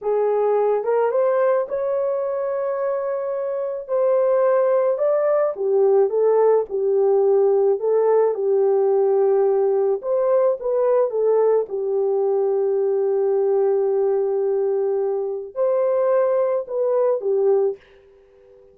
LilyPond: \new Staff \with { instrumentName = "horn" } { \time 4/4 \tempo 4 = 108 gis'4. ais'8 c''4 cis''4~ | cis''2. c''4~ | c''4 d''4 g'4 a'4 | g'2 a'4 g'4~ |
g'2 c''4 b'4 | a'4 g'2.~ | g'1 | c''2 b'4 g'4 | }